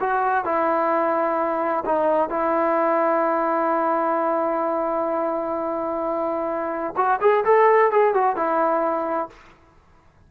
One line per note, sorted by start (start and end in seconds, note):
0.00 0.45 F#4
0.45 1.84 E4
1.85 2.30 D#4
2.30 6.95 E4
6.96 7.20 F#4
7.21 7.44 G#4
7.45 7.91 A4
7.92 8.14 G#4
8.14 8.36 F#4
8.36 9.29 E4